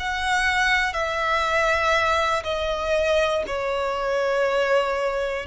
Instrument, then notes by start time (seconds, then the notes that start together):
violin
0.00 F#5
0.94 E5
2.44 D#5
3.47 C#5